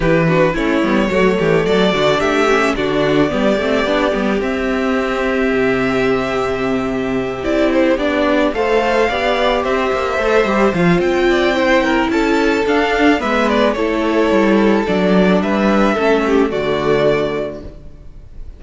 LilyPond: <<
  \new Staff \with { instrumentName = "violin" } { \time 4/4 \tempo 4 = 109 b'4 cis''2 d''4 | e''4 d''2. | e''1~ | e''4. d''8 c''8 d''4 f''8~ |
f''4. e''2 f''8 | g''2 a''4 f''4 | e''8 d''8 cis''2 d''4 | e''2 d''2 | }
  \new Staff \with { instrumentName = "violin" } { \time 4/4 g'8 fis'8 e'4 fis'8 g'8 a'8 fis'8 | g'4 fis'4 g'2~ | g'1~ | g'2.~ g'8 c''8~ |
c''8 d''4 c''2~ c''8~ | c''8 d''8 c''8 ais'8 a'2 | b'4 a'2. | b'4 a'8 g'8 fis'2 | }
  \new Staff \with { instrumentName = "viola" } { \time 4/4 e'8 d'8 cis'8 b8 a4. d'8~ | d'8 cis'8 d'4 b8 c'8 d'8 b8 | c'1~ | c'4. e'4 d'4 a'8~ |
a'8 g'2 a'8 g'8 f'8~ | f'4 e'2 d'4 | b4 e'2 d'4~ | d'4 cis'4 a2 | }
  \new Staff \with { instrumentName = "cello" } { \time 4/4 e4 a8 g8 fis8 e8 fis8 d8 | a4 d4 g8 a8 b8 g8 | c'2 c2~ | c4. c'4 b4 a8~ |
a8 b4 c'8 ais8 a8 g8 f8 | c'2 cis'4 d'4 | gis4 a4 g4 fis4 | g4 a4 d2 | }
>>